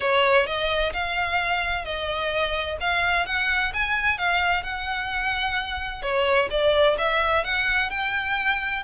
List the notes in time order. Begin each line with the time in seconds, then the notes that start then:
0.00 C#5
0.46 D#5
0.93 F5
1.84 D#5
2.80 F5
3.26 F#5
3.73 G#5
4.18 F5
4.63 F#5
6.02 C#5
6.50 D5
6.98 E5
7.44 F#5
7.90 G5